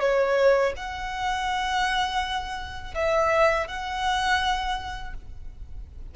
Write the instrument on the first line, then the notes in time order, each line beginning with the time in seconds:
violin
0.00 C#5
0.76 F#5
2.94 E5
3.68 F#5